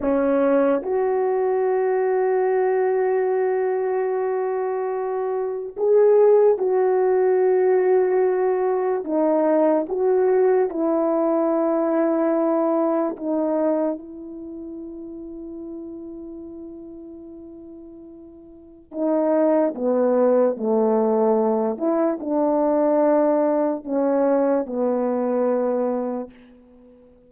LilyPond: \new Staff \with { instrumentName = "horn" } { \time 4/4 \tempo 4 = 73 cis'4 fis'2.~ | fis'2. gis'4 | fis'2. dis'4 | fis'4 e'2. |
dis'4 e'2.~ | e'2. dis'4 | b4 a4. e'8 d'4~ | d'4 cis'4 b2 | }